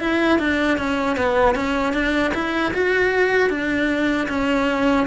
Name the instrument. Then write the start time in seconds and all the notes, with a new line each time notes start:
cello
0.00 E4
0.39 D4
0.78 C#4
1.17 B3
1.55 C#4
1.93 D4
2.34 E4
2.73 F#4
3.50 D4
4.29 C#4